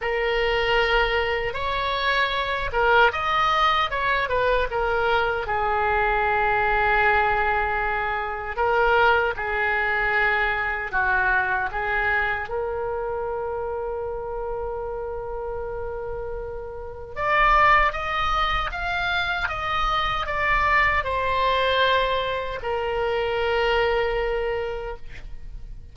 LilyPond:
\new Staff \with { instrumentName = "oboe" } { \time 4/4 \tempo 4 = 77 ais'2 cis''4. ais'8 | dis''4 cis''8 b'8 ais'4 gis'4~ | gis'2. ais'4 | gis'2 fis'4 gis'4 |
ais'1~ | ais'2 d''4 dis''4 | f''4 dis''4 d''4 c''4~ | c''4 ais'2. | }